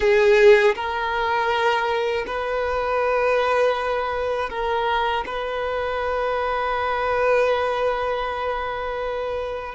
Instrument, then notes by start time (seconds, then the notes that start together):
violin
0.00 G#4
0.75 A#4
2.27 B4
4.49 A#4
5.26 B4